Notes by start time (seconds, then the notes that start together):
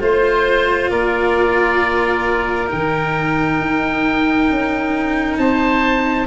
0.00 A3 F4 C5
0.90 A#3 A#4 D5
2.67 D#3 D#4 G5
3.61 D#4
4.50 C#4
5.38 C4 C5 A5